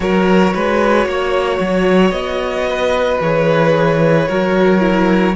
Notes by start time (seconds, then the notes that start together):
0.00 F#3 F#4 A#4 C#5
0.53 G#3 B4
1.05 A#3 C#5
1.60 F#3
2.11 B3 D#5
2.69 B4
3.21 E3 G#4 C#5
4.28 F#3 F#4 A#4
4.79 E4